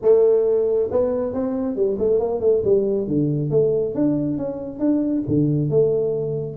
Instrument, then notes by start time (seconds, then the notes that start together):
tuba
0.02 A3
0.91 B3
1.33 C4
1.75 G3
1.98 A3
2.19 A#3
2.40 A3
2.64 G3
3.07 D3
3.50 A3
3.94 D4
4.37 C#4
4.79 D4
5.27 D3
5.70 A3